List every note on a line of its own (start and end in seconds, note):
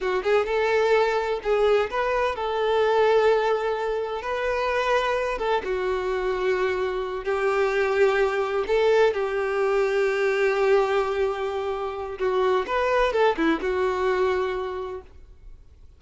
0.00 0.23 F#4
0.23 0.46 G#4
0.46 1.39 A4
1.43 1.90 G#4
1.90 2.35 B4
2.35 4.21 A4
4.21 5.38 B4
5.38 5.61 A4
5.64 7.24 F#4
7.24 8.65 G4
8.67 9.13 A4
9.13 12.18 G4
12.18 12.65 F#4
12.66 13.12 B4
13.12 13.36 A4
13.36 13.60 E4
13.61 15.01 F#4